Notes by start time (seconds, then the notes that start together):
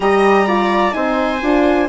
0.00 G3 G4 D#5 A#5
0.46 F4 D5
0.91 C4 D#4 C5 G#5
1.41 D4 F4